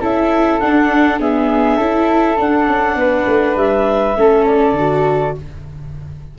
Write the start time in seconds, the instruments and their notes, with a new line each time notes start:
0.00 tuba C#4, viola E4, flute A4, clarinet E5
0.60 viola D4, tuba D4, clarinet F#5
1.19 viola B3, flute G#4, clarinet E5
1.77 tuba C#4, viola E4, flute A4
2.36 viola D4, tuba D4, clarinet F#5
2.67 tuba C#4
2.95 tuba B3, flute B4
3.26 tuba A3
3.56 tuba G3, clarinet E5
4.16 tuba A3, viola C#4, flute A4
4.46 clarinet D5
4.72 tuba D3
4.79 viola F#4